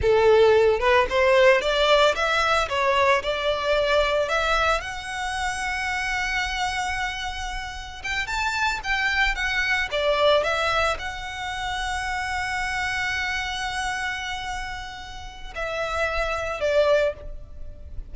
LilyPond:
\new Staff \with { instrumentName = "violin" } { \time 4/4 \tempo 4 = 112 a'4. b'8 c''4 d''4 | e''4 cis''4 d''2 | e''4 fis''2.~ | fis''2. g''8 a''8~ |
a''8 g''4 fis''4 d''4 e''8~ | e''8 fis''2.~ fis''8~ | fis''1~ | fis''4 e''2 d''4 | }